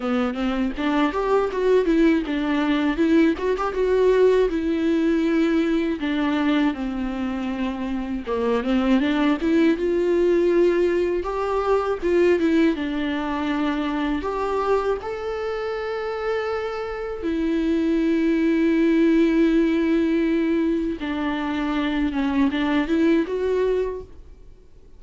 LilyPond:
\new Staff \with { instrumentName = "viola" } { \time 4/4 \tempo 4 = 80 b8 c'8 d'8 g'8 fis'8 e'8 d'4 | e'8 fis'16 g'16 fis'4 e'2 | d'4 c'2 ais8 c'8 | d'8 e'8 f'2 g'4 |
f'8 e'8 d'2 g'4 | a'2. e'4~ | e'1 | d'4. cis'8 d'8 e'8 fis'4 | }